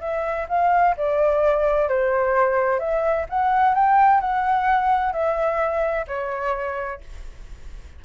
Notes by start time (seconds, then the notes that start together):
0.00 E5
0.48 F5
0.97 D5
1.88 C5
2.79 E5
3.29 F#5
3.74 G5
4.20 F#5
5.12 E5
6.07 C#5